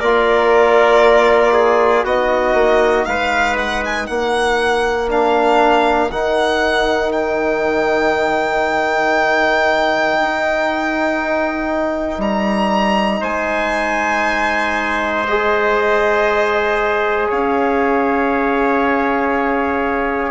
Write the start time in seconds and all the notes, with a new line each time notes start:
0.00 A#3 F4 A#4 D5
1.53 G#4
2.04 B3 D#4 F#4 D#5
2.54 A#3
3.06 G#3 B4 F5
3.58 F#5
3.86 G#5
4.07 A#3 A#4 F#5
5.08 D4 F5
6.11 D#3 D#4 F#5
7.12 G5
10.21 D#4
12.19 G3 A#5
13.21 G#3 C5 G#5
15.28 G#4 D#5
17.29 C#4 C#5 F5